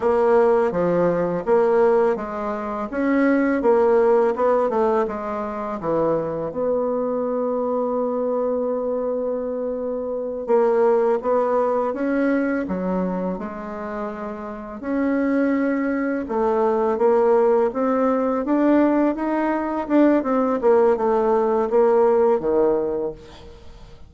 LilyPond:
\new Staff \with { instrumentName = "bassoon" } { \time 4/4 \tempo 4 = 83 ais4 f4 ais4 gis4 | cis'4 ais4 b8 a8 gis4 | e4 b2.~ | b2~ b8 ais4 b8~ |
b8 cis'4 fis4 gis4.~ | gis8 cis'2 a4 ais8~ | ais8 c'4 d'4 dis'4 d'8 | c'8 ais8 a4 ais4 dis4 | }